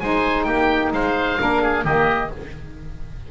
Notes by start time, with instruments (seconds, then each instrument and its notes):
0.00 double bass G#3, saxophone D#4, oboe C5 G#5
0.43 double bass A#3, oboe G4 G5
0.92 double bass G#3, oboe C5 F5
1.39 double bass A#3, saxophone D4, oboe A#4
1.62 oboe G#4
1.84 double bass D#3, saxophone A#3, oboe G4 D#5